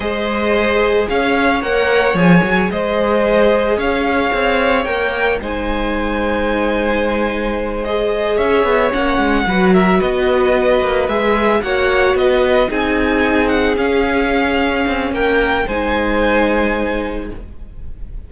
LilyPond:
<<
  \new Staff \with { instrumentName = "violin" } { \time 4/4 \tempo 4 = 111 dis''2 f''4 fis''4 | gis''4 dis''2 f''4~ | f''4 g''4 gis''2~ | gis''2~ gis''8 dis''4 e''8~ |
e''8 fis''4. e''8 dis''4.~ | dis''8 e''4 fis''4 dis''4 gis''8~ | gis''4 fis''8 f''2~ f''8 | g''4 gis''2. | }
  \new Staff \with { instrumentName = "violin" } { \time 4/4 c''2 cis''2~ | cis''4 c''2 cis''4~ | cis''2 c''2~ | c''2.~ c''8 cis''8~ |
cis''4. b'8 ais'8 b'4.~ | b'4. cis''4 b'4 gis'8~ | gis'1 | ais'4 c''2. | }
  \new Staff \with { instrumentName = "viola" } { \time 4/4 gis'2. ais'4 | gis'1~ | gis'4 ais'4 dis'2~ | dis'2~ dis'8 gis'4.~ |
gis'8 cis'4 fis'2~ fis'8~ | fis'8 gis'4 fis'2 dis'8~ | dis'4. cis'2~ cis'8~ | cis'4 dis'2. | }
  \new Staff \with { instrumentName = "cello" } { \time 4/4 gis2 cis'4 ais4 | f8 fis8 gis2 cis'4 | c'4 ais4 gis2~ | gis2.~ gis8 cis'8 |
b8 ais8 gis8 fis4 b4. | ais8 gis4 ais4 b4 c'8~ | c'4. cis'2 c'8 | ais4 gis2. | }
>>